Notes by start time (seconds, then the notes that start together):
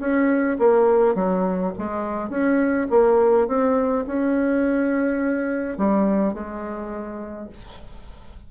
0.00 C#4
0.59 A#3
1.15 F#3
1.78 G#3
2.30 C#4
2.90 A#3
3.47 C4
4.07 C#4
5.78 G3
6.34 G#3